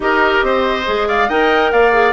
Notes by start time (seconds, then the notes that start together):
0.00 D#4 G4 A#4 D#5
0.42 C4 C5
0.85 G#3 G#4
1.07 D5 F5
1.28 D#4 A#4 D#5 G5
1.72 A#3 D5 F5
1.92 G#4